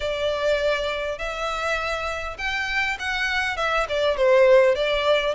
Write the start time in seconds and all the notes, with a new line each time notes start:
0.00 D5
1.18 E5
2.38 G5
2.99 F#5
3.56 E5
3.88 D5
4.16 C5
4.75 D5